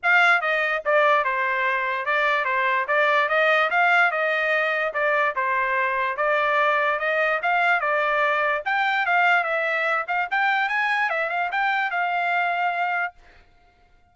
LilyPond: \new Staff \with { instrumentName = "trumpet" } { \time 4/4 \tempo 4 = 146 f''4 dis''4 d''4 c''4~ | c''4 d''4 c''4 d''4 | dis''4 f''4 dis''2 | d''4 c''2 d''4~ |
d''4 dis''4 f''4 d''4~ | d''4 g''4 f''4 e''4~ | e''8 f''8 g''4 gis''4 e''8 f''8 | g''4 f''2. | }